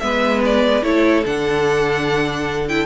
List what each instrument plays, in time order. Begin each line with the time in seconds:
0.00 cello G#3, viola B3, violin B4 E5
0.46 violin D5
0.82 cello A3, viola E4, violin A4 C#5
1.26 cello D3, viola D4, violin F#5
2.69 viola E4, violin G5